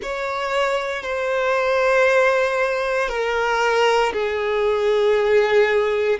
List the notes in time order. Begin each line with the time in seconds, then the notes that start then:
0.02 C#5
1.03 C5
3.08 A#4
4.12 G#4